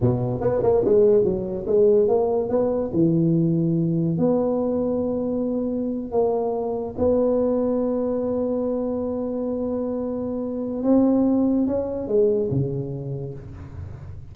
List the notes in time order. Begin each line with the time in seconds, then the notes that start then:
0.01 B2
0.41 B3
0.62 A#3
0.84 G#3
1.23 F#3
1.66 G#3
2.08 A#3
2.49 B3
2.93 E3
4.18 B3
6.11 A#3
6.98 B3
10.83 C4
11.66 C#4
12.07 G#3
12.50 C#3